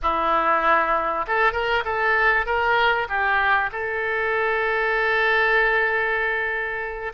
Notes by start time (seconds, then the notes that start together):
0.02 E4
1.27 A4
1.52 A#4
1.84 A4
2.45 A#4
3.08 G4
3.72 A4